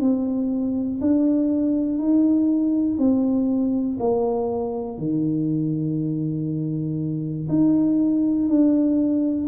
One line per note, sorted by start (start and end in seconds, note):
0.00 1.00 C4
1.01 1.99 D4
1.99 2.98 D#4
2.98 3.98 C4
4.00 4.98 A#3
4.98 7.48 D#3
7.49 8.49 D#4
8.49 9.48 D4